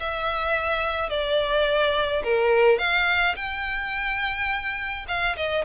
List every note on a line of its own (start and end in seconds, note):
0.00 1.10 E5
1.10 2.24 D5
2.24 2.79 A#4
2.79 3.36 F5
3.37 5.06 G5
5.08 5.37 F5
5.37 5.65 D#5